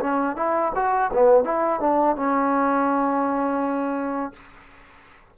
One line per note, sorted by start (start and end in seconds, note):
0.00 0.36 C#4
0.36 0.72 E4
0.75 1.11 F#4
1.13 1.44 B3
1.44 1.80 E4
1.80 2.16 D4
2.16 4.33 C#4